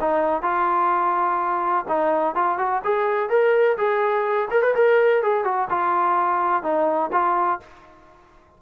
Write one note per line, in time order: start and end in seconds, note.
0.00 0.42 D#4
0.42 1.85 F4
1.88 2.35 D#4
2.35 2.58 F4
2.58 2.82 F#4
2.84 3.29 G#4
3.29 3.77 A#4
3.77 4.48 G#4
4.50 4.62 A#4
4.62 4.74 B4
4.75 5.22 A#4
5.22 5.44 G#4
5.44 5.68 F#4
5.69 6.63 F4
6.63 7.11 D#4
7.12 7.60 F4